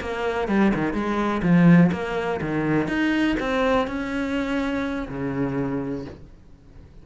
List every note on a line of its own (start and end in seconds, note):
0.00 0.48 A#3
0.48 0.72 G3
0.74 0.93 D#3
0.93 1.41 G#3
1.42 1.90 F3
1.92 2.40 A#3
2.41 2.88 D#3
2.88 3.36 D#4
3.39 3.87 C4
3.87 5.08 C#4
5.08 6.05 C#3